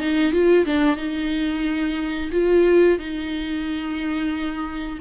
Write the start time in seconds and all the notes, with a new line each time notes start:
0.00 D#4
0.32 F4
0.66 D4
0.97 D#4
2.32 F4
2.99 D#4